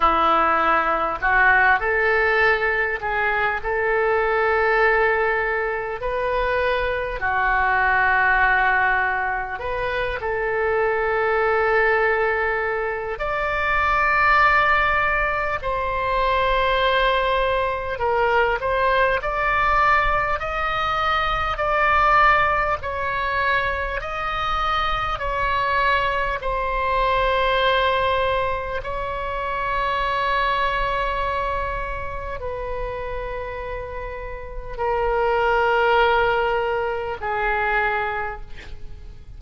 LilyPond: \new Staff \with { instrumentName = "oboe" } { \time 4/4 \tempo 4 = 50 e'4 fis'8 a'4 gis'8 a'4~ | a'4 b'4 fis'2 | b'8 a'2~ a'8 d''4~ | d''4 c''2 ais'8 c''8 |
d''4 dis''4 d''4 cis''4 | dis''4 cis''4 c''2 | cis''2. b'4~ | b'4 ais'2 gis'4 | }